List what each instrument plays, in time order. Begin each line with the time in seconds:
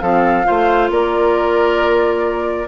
0.00 bassoon F3, clarinet C4, oboe A4, flute F5
0.45 bassoon A3, clarinet F4, oboe C5
0.90 bassoon A#3, oboe A#4, flute D5